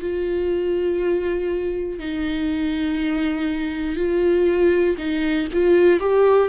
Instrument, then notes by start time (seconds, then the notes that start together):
viola
0.00 F4
1.99 D#4
3.96 F4
4.98 D#4
5.53 F4
6.00 G4